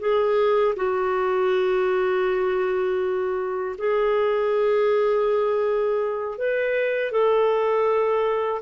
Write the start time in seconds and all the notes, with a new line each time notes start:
0.00 G#4
0.76 F#4
3.78 G#4
6.39 B4
7.12 A4